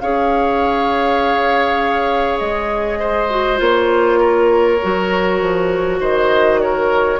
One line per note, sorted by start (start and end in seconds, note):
0.00 2.41 C#4
0.00 3.30 G#4
0.00 3.00 C#5
0.00 2.39 F5
2.39 3.60 G#3
2.39 3.59 D#5
3.00 4.20 C5
3.30 3.58 F#4
3.58 4.80 A#3
3.58 4.78 F4
3.58 6.01 C#5
4.20 6.00 A#4
4.83 5.42 F#3
4.83 7.20 F#4
5.42 6.00 F3
6.00 7.20 D#3
6.00 6.61 C5
6.00 6.61 D#5
6.61 7.20 A#4
6.61 7.20 C#5